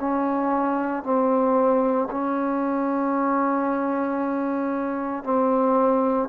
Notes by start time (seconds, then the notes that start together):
0.00 C#4
1.04 C4
2.11 C#4
5.24 C4